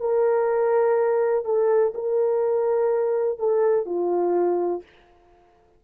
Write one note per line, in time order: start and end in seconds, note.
0.00 1.45 A#4
1.45 1.93 A4
1.95 3.39 A#4
3.39 3.86 A4
3.86 4.83 F4